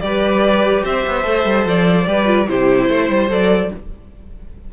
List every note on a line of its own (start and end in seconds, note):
0.00 0.83 G3
0.00 1.23 G4
0.00 0.84 B4
0.00 0.82 D5
0.84 1.05 C4
0.84 2.07 C5
0.84 1.67 E5
1.06 1.24 B3
1.23 1.44 A3
1.23 2.05 A4
1.44 1.64 G3
1.64 2.05 F3
1.64 2.48 D5
2.06 2.48 G3
2.06 2.25 G4
2.06 2.49 B4
2.25 2.46 F4
2.47 2.88 C3
2.47 3.28 E4
2.47 2.90 G4
2.47 3.30 C5
2.88 3.09 A3
2.88 3.72 C5
3.09 3.29 G3
3.28 3.70 F#3
3.28 3.69 A4
3.28 3.73 D5